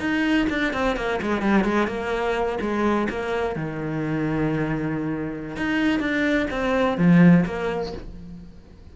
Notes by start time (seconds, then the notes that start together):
0.00 D#4
0.50 D4
0.74 C4
0.97 A#3
1.22 G#3
1.42 G3
1.64 G#3
1.88 A#3
2.61 G#3
3.10 A#3
3.56 D#3
5.57 D#4
6.00 D4
6.51 C4
6.98 F3
7.46 A#3